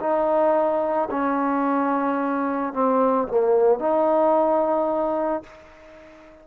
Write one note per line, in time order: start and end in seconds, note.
0.00 1.09 D#4
1.11 2.73 C#4
2.73 3.28 C4
3.28 3.79 A#3
3.79 5.43 D#4